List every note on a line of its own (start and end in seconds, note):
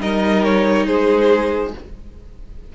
0.00 0.87 G3
0.00 1.75 D#4
0.00 0.86 A#4
0.00 0.44 D#5
0.44 0.86 C#5
0.86 1.74 G#3
0.86 1.73 G#4
0.86 1.73 C5